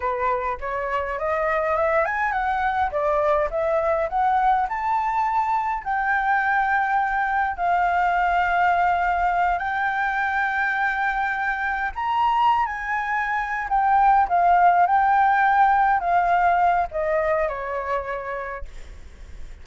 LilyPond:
\new Staff \with { instrumentName = "flute" } { \time 4/4 \tempo 4 = 103 b'4 cis''4 dis''4 e''8 gis''8 | fis''4 d''4 e''4 fis''4 | a''2 g''2~ | g''4 f''2.~ |
f''8 g''2.~ g''8~ | g''8 ais''4~ ais''16 gis''4.~ gis''16 g''8~ | g''8 f''4 g''2 f''8~ | f''4 dis''4 cis''2 | }